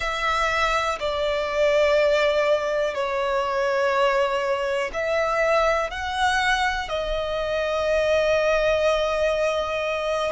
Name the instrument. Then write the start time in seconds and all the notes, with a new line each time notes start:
violin
0.00 E5
0.99 D5
2.94 C#5
4.93 E5
5.90 F#5
6.89 D#5